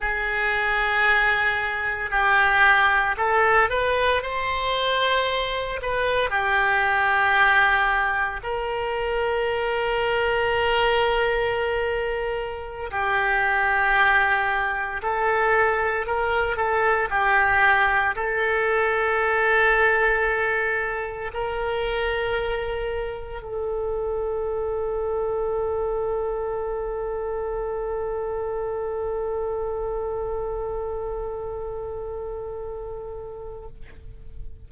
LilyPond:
\new Staff \with { instrumentName = "oboe" } { \time 4/4 \tempo 4 = 57 gis'2 g'4 a'8 b'8 | c''4. b'8 g'2 | ais'1~ | ais'16 g'2 a'4 ais'8 a'16~ |
a'16 g'4 a'2~ a'8.~ | a'16 ais'2 a'4.~ a'16~ | a'1~ | a'1 | }